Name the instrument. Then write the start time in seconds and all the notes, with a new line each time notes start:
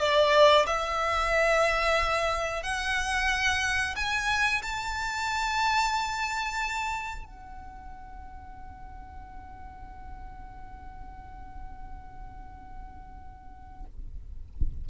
violin
0.00 D5
0.67 E5
2.63 F#5
3.96 G#5
4.62 A5
7.25 F#5